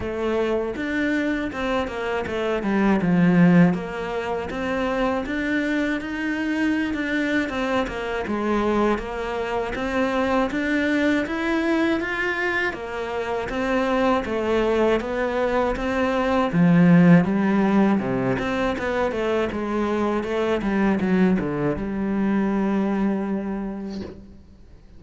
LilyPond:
\new Staff \with { instrumentName = "cello" } { \time 4/4 \tempo 4 = 80 a4 d'4 c'8 ais8 a8 g8 | f4 ais4 c'4 d'4 | dis'4~ dis'16 d'8. c'8 ais8 gis4 | ais4 c'4 d'4 e'4 |
f'4 ais4 c'4 a4 | b4 c'4 f4 g4 | c8 c'8 b8 a8 gis4 a8 g8 | fis8 d8 g2. | }